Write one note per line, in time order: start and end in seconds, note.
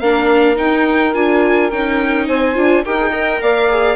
0.00 0.58 A#3
0.00 0.57 D4
0.00 2.28 A#4
0.00 0.57 F5
0.57 1.13 D#4
0.57 1.15 D#4
0.57 1.15 G5
1.14 1.72 D4
1.14 1.71 F4
1.14 1.71 G#5
1.71 2.29 C#4
1.71 2.55 D#4
1.71 2.28 G5
2.28 2.57 C4
2.28 2.84 C5
2.28 2.85 G#5
2.55 2.85 D4
2.55 2.84 F4
2.85 3.42 D#4
2.85 3.00 G4
2.85 3.11 A#4
2.85 3.42 G5
3.00 3.13 G#4
3.11 3.70 A#4
3.11 3.39 D#5
3.42 3.97 A#3
3.42 3.97 D5
3.42 3.97 F5
3.70 3.97 G#4